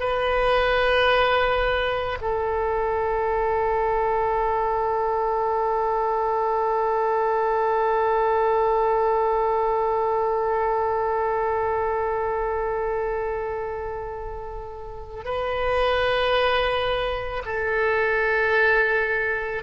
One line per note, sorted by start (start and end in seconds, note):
0.00 2.18 B4
2.21 15.24 A4
15.24 17.42 B4
17.45 19.63 A4